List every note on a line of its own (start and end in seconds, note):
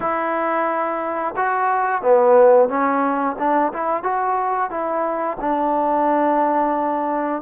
0.00 1.34 E4
1.36 2.01 F#4
2.01 2.68 B3
2.68 3.36 C#4
3.38 3.72 D4
3.73 4.03 E4
4.03 4.70 F#4
4.70 5.37 E4
5.40 7.42 D4